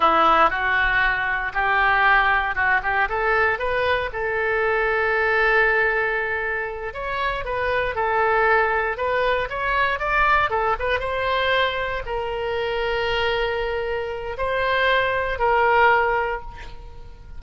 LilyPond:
\new Staff \with { instrumentName = "oboe" } { \time 4/4 \tempo 4 = 117 e'4 fis'2 g'4~ | g'4 fis'8 g'8 a'4 b'4 | a'1~ | a'4. cis''4 b'4 a'8~ |
a'4. b'4 cis''4 d''8~ | d''8 a'8 b'8 c''2 ais'8~ | ais'1 | c''2 ais'2 | }